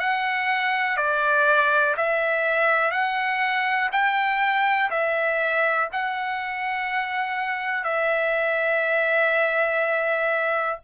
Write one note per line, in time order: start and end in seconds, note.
0.00 0.97 F#5
0.97 1.95 D5
1.97 2.92 E5
2.92 3.90 F#5
3.92 4.90 G5
4.90 5.89 E5
5.92 7.84 F#5
7.84 10.79 E5